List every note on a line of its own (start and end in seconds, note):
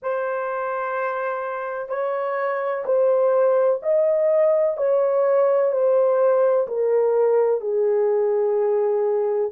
0.02 1.88 C5
1.88 2.84 C#5
2.85 3.80 C5
3.82 4.77 D#5
4.77 5.71 C#5
5.71 6.67 C5
6.67 7.60 A#4
7.60 9.51 G#4